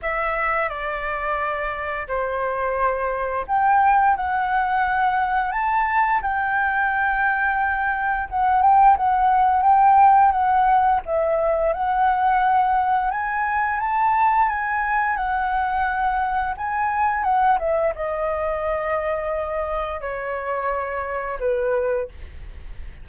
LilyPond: \new Staff \with { instrumentName = "flute" } { \time 4/4 \tempo 4 = 87 e''4 d''2 c''4~ | c''4 g''4 fis''2 | a''4 g''2. | fis''8 g''8 fis''4 g''4 fis''4 |
e''4 fis''2 gis''4 | a''4 gis''4 fis''2 | gis''4 fis''8 e''8 dis''2~ | dis''4 cis''2 b'4 | }